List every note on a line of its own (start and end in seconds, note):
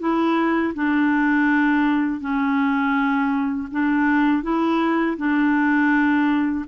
0.00 0.74 E4
0.75 2.21 D4
2.21 3.69 C#4
3.72 4.43 D4
4.43 5.17 E4
5.18 6.66 D4